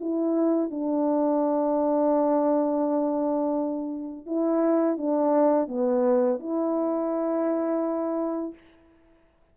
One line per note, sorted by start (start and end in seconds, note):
0.00 0.70 E4
0.70 4.26 D4
4.26 4.98 E4
4.98 5.68 D4
5.68 6.39 B3
6.39 8.54 E4